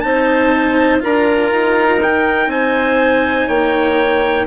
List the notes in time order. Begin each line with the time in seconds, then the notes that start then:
0.00 C4 D#4 C5 A5
1.00 D4 F4 A#4 A#5
1.51 D#4
2.02 D#4 G5
2.47 C4 C5 G#5
3.47 A#3 C#5 G5